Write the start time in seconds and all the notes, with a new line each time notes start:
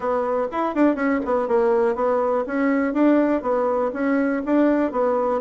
0.00 B3
0.51 E4
0.74 D4
0.95 C#4
1.25 B3
1.48 A#3
1.95 B3
2.47 C#4
2.93 D4
3.42 B3
3.93 C#4
4.45 D4
4.91 B3